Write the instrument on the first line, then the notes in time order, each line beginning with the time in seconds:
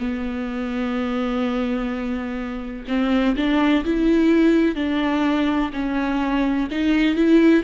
viola
0.00 B3
2.88 C4
3.37 D4
3.85 E4
4.76 D4
5.73 C#4
6.71 D#4
7.15 E4